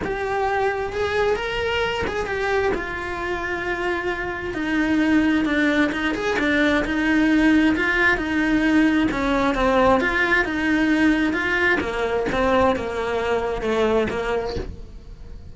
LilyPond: \new Staff \with { instrumentName = "cello" } { \time 4/4 \tempo 4 = 132 g'2 gis'4 ais'4~ | ais'8 gis'8 g'4 f'2~ | f'2 dis'2 | d'4 dis'8 gis'8 d'4 dis'4~ |
dis'4 f'4 dis'2 | cis'4 c'4 f'4 dis'4~ | dis'4 f'4 ais4 c'4 | ais2 a4 ais4 | }